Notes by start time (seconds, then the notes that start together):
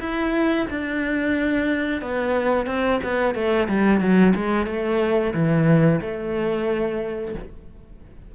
0.00 E4
0.70 D4
2.02 B3
2.66 C4
3.04 B3
3.35 A3
3.68 G3
4.00 F#3
4.35 G#3
4.66 A3
5.34 E3
6.01 A3